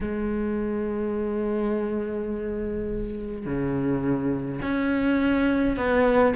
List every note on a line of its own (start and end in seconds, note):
0.01 3.45 G#3
3.45 4.60 C#3
4.62 5.76 C#4
5.76 6.34 B3